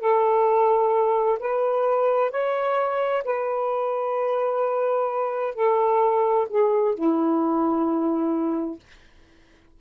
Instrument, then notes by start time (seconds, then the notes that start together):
saxophone
0.00 A4
1.40 B4
2.31 C#5
3.25 B4
5.56 A4
6.50 G#4
6.95 E4